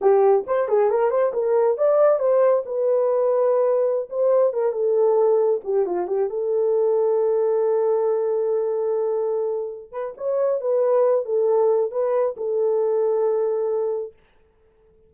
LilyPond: \new Staff \with { instrumentName = "horn" } { \time 4/4 \tempo 4 = 136 g'4 c''8 gis'8 ais'8 c''8 ais'4 | d''4 c''4 b'2~ | b'4~ b'16 c''4 ais'8 a'4~ a'16~ | a'8. g'8 f'8 g'8 a'4.~ a'16~ |
a'1~ | a'2~ a'8 b'8 cis''4 | b'4. a'4. b'4 | a'1 | }